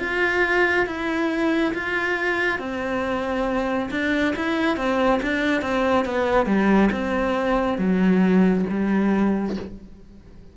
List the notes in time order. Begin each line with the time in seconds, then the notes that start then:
0.00 F4
0.87 E4
1.74 F4
2.59 C4
3.91 D4
4.36 E4
4.77 C4
5.23 D4
5.62 C4
6.06 B3
6.47 G3
6.92 C4
7.78 F#3
8.70 G3